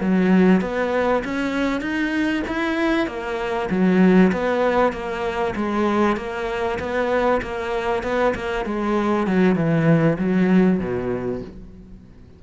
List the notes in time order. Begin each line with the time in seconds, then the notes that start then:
0.00 F#3
0.60 B3
1.24 C#4
1.81 D#4
2.47 E4
3.07 A#3
3.70 F#3
4.32 B3
4.92 A#3
5.55 G#3
6.16 A#3
6.79 B3
7.41 A#3
8.03 B3
8.34 A#3
8.65 G#3
9.26 F#3
9.55 E3
10.18 F#3
10.79 B2